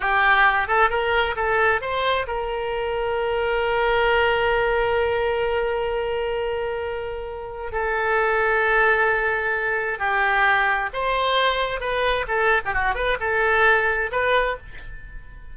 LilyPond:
\new Staff \with { instrumentName = "oboe" } { \time 4/4 \tempo 4 = 132 g'4. a'8 ais'4 a'4 | c''4 ais'2.~ | ais'1~ | ais'1~ |
ais'4 a'2.~ | a'2 g'2 | c''2 b'4 a'8. g'16 | fis'8 b'8 a'2 b'4 | }